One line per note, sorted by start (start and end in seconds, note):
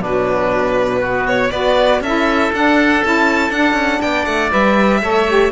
0.00 1.50 B2
0.00 1.02 F#3
0.00 1.00 D4
0.00 1.26 B4
1.00 1.52 B3
1.00 1.50 F#4
1.26 1.50 C#5
1.50 2.00 B3
1.50 2.02 F#4
1.50 2.01 B4
1.50 2.00 D5
2.00 2.50 C#4
2.00 2.53 E4
2.00 4.01 A4
2.00 2.52 E5
2.52 3.02 D4
2.52 3.03 D4
2.52 3.03 F#5
3.03 3.49 C#4
3.03 3.52 E4
3.03 3.51 A5
3.49 3.73 D4
3.49 4.50 D4
3.49 4.01 F#5
3.73 3.98 C#4
4.01 4.26 B3
4.01 5.01 D5
4.01 4.25 G5
4.25 4.51 A3
4.25 4.50 F#5
4.50 5.02 G3
4.50 5.00 B4
4.50 5.51 E5
5.02 5.51 A3
5.02 5.27 A4
5.02 5.51 C#5
5.28 5.51 G4